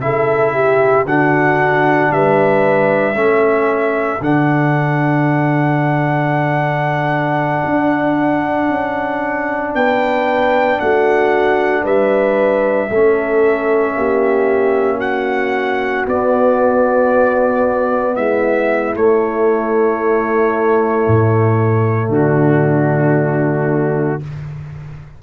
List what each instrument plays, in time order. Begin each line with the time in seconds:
0.00 tuba C#3, trombone E4, horn A4, trumpet E5
0.53 horn G4
1.05 tuba D3, trombone D4, horn F#4, trumpet F#5
2.11 tuba G3, horn B4, trumpet E5
3.14 tuba A3, trombone C#4, horn A4
4.20 tuba D3, trombone D4, trumpet F#5
7.65 tuba D4
8.69 tuba C#4
9.74 tuba B3, horn B4, trumpet G5
10.79 tuba A3, horn F#4, trumpet F#5
11.83 tuba G3, horn B4, trumpet E5
12.89 tuba A3, trombone C#4, horn A4
13.95 tuba A#3, horn G4
14.97 horn F#4, trumpet F#5
16.06 tuba B3, trombone B3, trumpet D5
18.15 tuba G#3, horn E4, trumpet E5
18.94 trombone A3, tuba A3, trumpet C#5
21.07 tuba A2
22.09 tuba D3, horn D4, trumpet F#4